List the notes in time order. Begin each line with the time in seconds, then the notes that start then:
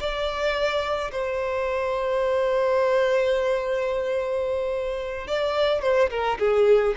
0.00 D5
1.12 C5
5.28 D5
5.82 C5
6.10 A#4
6.39 G#4